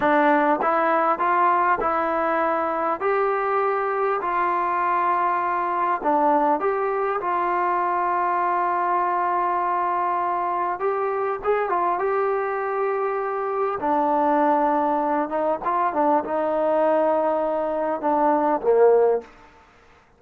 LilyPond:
\new Staff \with { instrumentName = "trombone" } { \time 4/4 \tempo 4 = 100 d'4 e'4 f'4 e'4~ | e'4 g'2 f'4~ | f'2 d'4 g'4 | f'1~ |
f'2 g'4 gis'8 f'8 | g'2. d'4~ | d'4. dis'8 f'8 d'8 dis'4~ | dis'2 d'4 ais4 | }